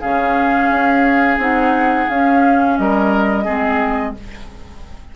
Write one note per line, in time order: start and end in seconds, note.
0.00 0.70 C#3
0.00 1.39 C#4
0.00 2.76 G#4
0.00 1.38 F5
0.70 1.37 C#4
1.37 2.06 C4
1.37 2.08 D#4
1.37 2.09 F#5
2.09 2.78 C#4
2.09 3.45 C#4
2.09 2.77 F5
2.77 3.46 G3
2.77 3.44 A#4
2.77 4.15 D#5
3.44 4.15 G#3
3.44 4.14 C4
3.44 4.13 G#4